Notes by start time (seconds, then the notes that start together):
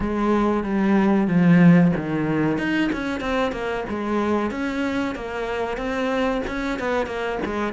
0.00 G#3
0.63 G3
1.27 F3
1.96 D#3
2.58 D#4
2.92 C#4
3.20 C4
3.52 A#3
3.89 G#3
4.50 C#4
5.15 A#3
5.77 C4
6.47 C#4
6.79 B3
7.06 A#3
7.45 G#3